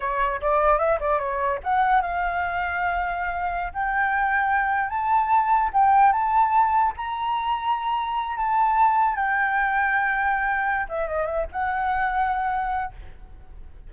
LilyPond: \new Staff \with { instrumentName = "flute" } { \time 4/4 \tempo 4 = 149 cis''4 d''4 e''8 d''8 cis''4 | fis''4 f''2.~ | f''4~ f''16 g''2~ g''8.~ | g''16 a''2 g''4 a''8.~ |
a''4~ a''16 ais''2~ ais''8.~ | ais''8. a''2 g''4~ g''16~ | g''2. e''8 dis''8 | e''8 fis''2.~ fis''8 | }